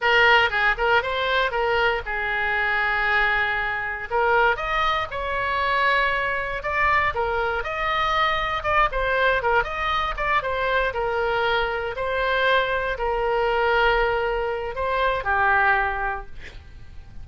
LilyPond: \new Staff \with { instrumentName = "oboe" } { \time 4/4 \tempo 4 = 118 ais'4 gis'8 ais'8 c''4 ais'4 | gis'1 | ais'4 dis''4 cis''2~ | cis''4 d''4 ais'4 dis''4~ |
dis''4 d''8 c''4 ais'8 dis''4 | d''8 c''4 ais'2 c''8~ | c''4. ais'2~ ais'8~ | ais'4 c''4 g'2 | }